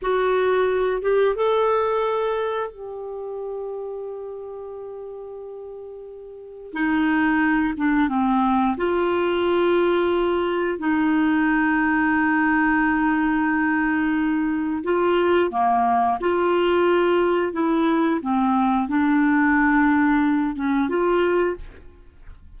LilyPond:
\new Staff \with { instrumentName = "clarinet" } { \time 4/4 \tempo 4 = 89 fis'4. g'8 a'2 | g'1~ | g'2 dis'4. d'8 | c'4 f'2. |
dis'1~ | dis'2 f'4 ais4 | f'2 e'4 c'4 | d'2~ d'8 cis'8 f'4 | }